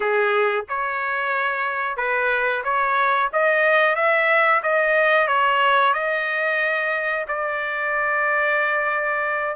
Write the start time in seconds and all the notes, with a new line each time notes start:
0.00 G#4
0.68 C#5
1.97 B4
2.64 C#5
3.32 D#5
3.95 E5
4.62 D#5
5.27 C#5
5.93 D#5
7.28 D5